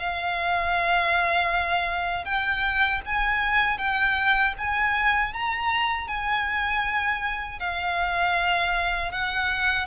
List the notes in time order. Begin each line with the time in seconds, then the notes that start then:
0.00 F5
2.25 G5
3.06 G#5
3.79 G5
4.58 G#5
5.34 A#5
6.08 G#5
7.60 F5
9.12 F#5